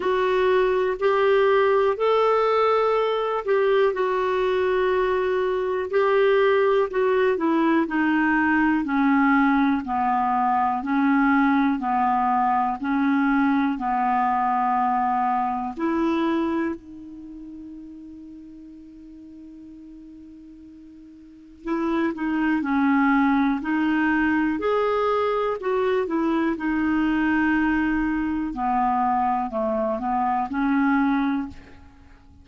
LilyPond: \new Staff \with { instrumentName = "clarinet" } { \time 4/4 \tempo 4 = 61 fis'4 g'4 a'4. g'8 | fis'2 g'4 fis'8 e'8 | dis'4 cis'4 b4 cis'4 | b4 cis'4 b2 |
e'4 dis'2.~ | dis'2 e'8 dis'8 cis'4 | dis'4 gis'4 fis'8 e'8 dis'4~ | dis'4 b4 a8 b8 cis'4 | }